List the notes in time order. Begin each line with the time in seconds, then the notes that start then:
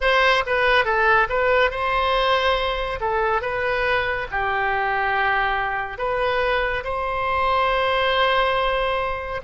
0.00 C5
0.46 B4
0.85 A4
1.29 B4
1.71 C5
3.00 A4
3.41 B4
4.31 G4
5.98 B4
6.84 C5